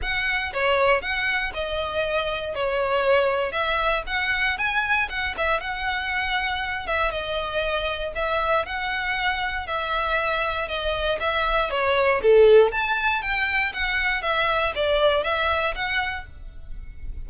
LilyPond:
\new Staff \with { instrumentName = "violin" } { \time 4/4 \tempo 4 = 118 fis''4 cis''4 fis''4 dis''4~ | dis''4 cis''2 e''4 | fis''4 gis''4 fis''8 e''8 fis''4~ | fis''4. e''8 dis''2 |
e''4 fis''2 e''4~ | e''4 dis''4 e''4 cis''4 | a'4 a''4 g''4 fis''4 | e''4 d''4 e''4 fis''4 | }